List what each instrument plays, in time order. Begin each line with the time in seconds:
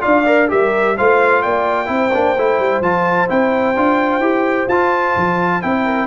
0.00 tuba D4, trombone F4, horn D5, trumpet F5
0.26 trombone A#4
0.48 tuba G3, trombone G4, horn A#4, trumpet E5
0.97 tuba A3, trombone F4, horn C5, trumpet F5
1.42 tuba A#3, horn D5, trumpet G5
1.85 tuba C4, trombone E4, horn C5
2.13 tuba A#3, trombone D4
2.37 tuba A3, trombone E4
2.58 tuba G3
2.80 tuba F3, trombone F4, trumpet A5
3.28 tuba C4, trombone E4, trumpet G5
3.76 tuba D4, trombone F4
4.19 tuba E4, trombone G4
4.68 tuba F4, trombone F4, trumpet A5
5.16 tuba F3
5.61 tuba C4, trombone E4, trumpet G5
5.84 horn A#4